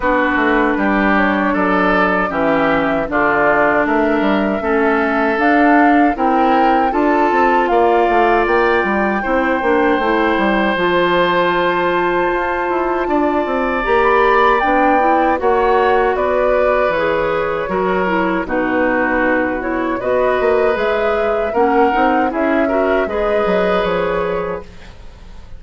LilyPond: <<
  \new Staff \with { instrumentName = "flute" } { \time 4/4 \tempo 4 = 78 b'4. cis''8 d''4 e''4 | d''4 e''2 f''4 | g''4 a''4 f''4 g''4~ | g''2 a''2~ |
a''2 ais''16 b''8. g''4 | fis''4 d''4 cis''2 | b'4. cis''8 dis''4 e''4 | fis''4 e''4 dis''4 cis''4 | }
  \new Staff \with { instrumentName = "oboe" } { \time 4/4 fis'4 g'4 a'4 g'4 | f'4 ais'4 a'2 | ais'4 a'4 d''2 | c''1~ |
c''4 d''2. | cis''4 b'2 ais'4 | fis'2 b'2 | ais'4 gis'8 ais'8 b'2 | }
  \new Staff \with { instrumentName = "clarinet" } { \time 4/4 d'2. cis'4 | d'2 cis'4 d'4 | e'4 f'2. | e'8 d'8 e'4 f'2~ |
f'2 g'4 d'8 e'8 | fis'2 gis'4 fis'8 e'8 | dis'4. e'8 fis'4 gis'4 | cis'8 dis'8 e'8 fis'8 gis'2 | }
  \new Staff \with { instrumentName = "bassoon" } { \time 4/4 b8 a8 g4 fis4 e4 | d4 a8 g8 a4 d'4 | c'4 d'8 c'8 ais8 a8 ais8 g8 | c'8 ais8 a8 g8 f2 |
f'8 e'8 d'8 c'8 ais4 b4 | ais4 b4 e4 fis4 | b,2 b8 ais8 gis4 | ais8 c'8 cis'4 gis8 fis8 f4 | }
>>